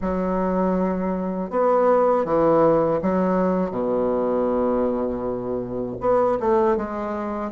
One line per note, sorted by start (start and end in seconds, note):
0.01 1.50 F#3
1.50 2.25 B3
2.25 3.00 E3
3.02 3.71 F#3
3.71 5.96 B2
6.00 6.38 B3
6.40 6.76 A3
6.76 7.51 G#3